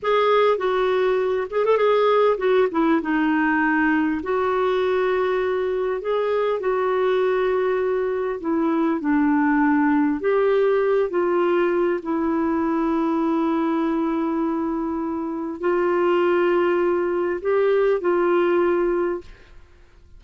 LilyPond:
\new Staff \with { instrumentName = "clarinet" } { \time 4/4 \tempo 4 = 100 gis'4 fis'4. gis'16 a'16 gis'4 | fis'8 e'8 dis'2 fis'4~ | fis'2 gis'4 fis'4~ | fis'2 e'4 d'4~ |
d'4 g'4. f'4. | e'1~ | e'2 f'2~ | f'4 g'4 f'2 | }